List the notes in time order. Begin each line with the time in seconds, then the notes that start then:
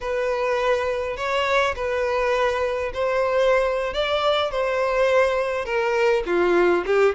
0.00 B4
1.16 C#5
1.75 B4
2.93 C5
3.93 D5
4.51 C5
5.65 A#4
6.26 F4
6.86 G4